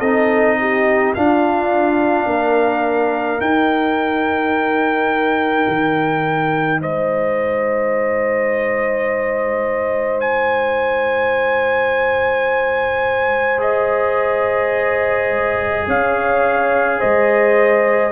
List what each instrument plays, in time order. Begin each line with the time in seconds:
0.00 tuba C4, trombone D#4, horn A4, trumpet D#5
0.60 horn G4
1.15 trombone D4, tuba D4, horn F4, trumpet F5
2.26 tuba A#3, horn A#4
3.41 tuba D#4, trombone D#4, trumpet G5
5.68 tuba D#3
6.81 tuba G#3, horn C5, trumpet D#5
10.21 trumpet G#5
13.59 trombone G#4, trumpet D#5
15.87 tuba C#4, horn C#5, trumpet F5
17.00 tuba G#3, horn C5, trumpet D#5